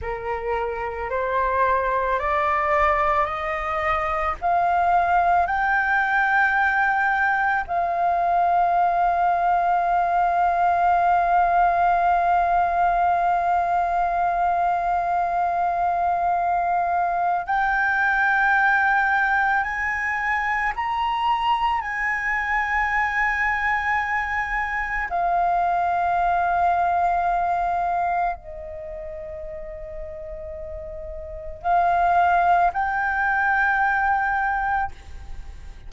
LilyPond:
\new Staff \with { instrumentName = "flute" } { \time 4/4 \tempo 4 = 55 ais'4 c''4 d''4 dis''4 | f''4 g''2 f''4~ | f''1~ | f''1 |
g''2 gis''4 ais''4 | gis''2. f''4~ | f''2 dis''2~ | dis''4 f''4 g''2 | }